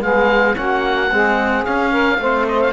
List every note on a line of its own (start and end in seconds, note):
0.00 0.55 G#3
0.00 0.54 B3
0.00 0.55 G#4
0.00 0.56 F5
0.54 1.11 A#3
0.54 1.09 C#4
0.54 1.11 F#4
0.54 1.64 F#5
1.11 1.65 G#3
1.11 1.65 C4
1.11 1.90 G#4
1.64 2.19 C#4
1.64 2.18 C#4
1.64 2.46 F5
1.90 2.18 A#4
2.18 2.72 A3
2.18 2.72 C4
2.18 2.72 C5
2.47 2.61 D#5
2.61 2.72 F5